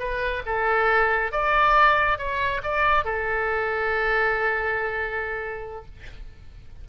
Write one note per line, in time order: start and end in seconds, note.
0.00 0.43 B4
0.46 1.32 A4
1.32 2.19 D5
2.19 2.62 C#5
2.63 3.05 D5
3.05 5.86 A4